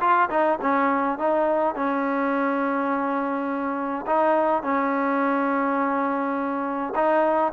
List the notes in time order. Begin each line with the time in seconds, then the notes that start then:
0.00 F4
0.29 D#4
0.61 C#4
1.18 D#4
1.75 C#4
4.06 D#4
4.63 C#4
6.95 D#4